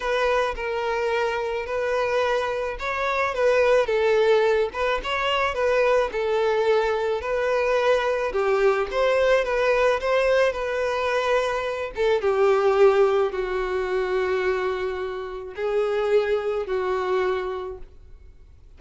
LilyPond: \new Staff \with { instrumentName = "violin" } { \time 4/4 \tempo 4 = 108 b'4 ais'2 b'4~ | b'4 cis''4 b'4 a'4~ | a'8 b'8 cis''4 b'4 a'4~ | a'4 b'2 g'4 |
c''4 b'4 c''4 b'4~ | b'4. a'8 g'2 | fis'1 | gis'2 fis'2 | }